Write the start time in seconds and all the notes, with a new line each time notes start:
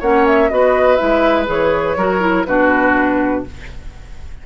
0.00 A#3 C#4 C#5 F#5
0.27 E5
0.50 B3 F#4 B4 D#5
0.96 G#3 E4 E5
1.47 E3 G#4 C#5
1.97 F#3 F#4 A#4
2.21 E4
2.46 B2 D4 F#4 B4